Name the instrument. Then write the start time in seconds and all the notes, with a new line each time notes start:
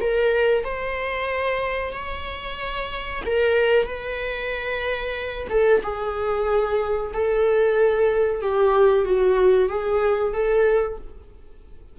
viola
0.00 A#4
0.64 C5
1.93 C#5
3.25 A#4
3.86 B4
5.49 A4
5.83 G#4
7.13 A4
8.42 G4
9.05 F#4
9.69 G#4
10.33 A4